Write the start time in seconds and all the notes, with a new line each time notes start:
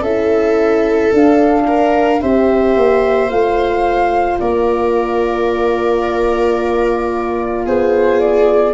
0.00 C#4 E4 A4 E5
1.13 D4 F5
1.67 A#4
2.21 C4 G4 C5 E5
2.76 A#3
3.30 A3 F4 F5
4.39 A#3 A#4 D5
7.66 B3 G#4 C5
8.20 D5